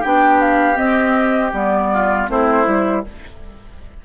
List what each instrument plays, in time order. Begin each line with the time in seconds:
0.00 bassoon B3, clarinet D4, oboe G4, flute G5
0.41 flute F5
0.75 clarinet C4, bassoon C4, flute D#5
1.53 bassoon G3, clarinet B3, flute D5
1.93 oboe F4
2.28 bassoon A3, clarinet C4, oboe E4, flute C5
2.65 bassoon G3, clarinet E4